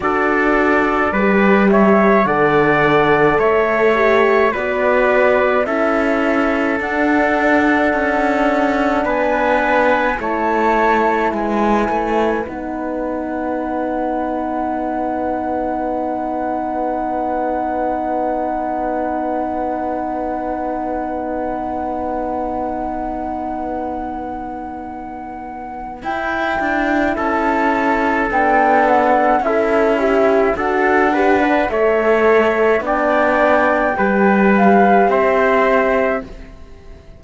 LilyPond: <<
  \new Staff \with { instrumentName = "flute" } { \time 4/4 \tempo 4 = 53 d''4. e''8 fis''4 e''4 | d''4 e''4 fis''2 | gis''4 a''4 gis''4 fis''4~ | fis''1~ |
fis''1~ | fis''2. g''4 | a''4 g''8 fis''8 e''4 fis''4 | e''4 g''4. f''8 e''4 | }
  \new Staff \with { instrumentName = "trumpet" } { \time 4/4 a'4 b'8 cis''8 d''4 cis''4 | b'4 a'2. | b'4 cis''4 b'2~ | b'1~ |
b'1~ | b'1 | a'2 e'4 a'8 b'8 | cis''4 d''4 b'4 c''4 | }
  \new Staff \with { instrumentName = "horn" } { \time 4/4 fis'4 g'4 a'4. g'8 | fis'4 e'4 d'2~ | d'4 e'2 dis'4~ | dis'1~ |
dis'1~ | dis'2. e'4~ | e'4 d'4 a'8 g'8 fis'8 g'16 d'16 | a'4 d'4 g'2 | }
  \new Staff \with { instrumentName = "cello" } { \time 4/4 d'4 g4 d4 a4 | b4 cis'4 d'4 cis'4 | b4 a4 gis8 a8 b4~ | b1~ |
b1~ | b2. e'8 d'8 | cis'4 b4 cis'4 d'4 | a4 b4 g4 c'4 | }
>>